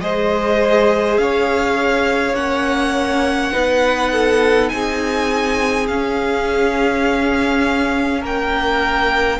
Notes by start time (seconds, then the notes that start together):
0.00 G#3 G#4 C5 D#5
1.17 C#4 C#5 F5
2.33 A#3 C#4 F#5
3.52 B3 D#4 B4
4.12 A4
4.69 C4 G#4 G#5
5.87 C#4 F5
8.20 A#3 A#4 G5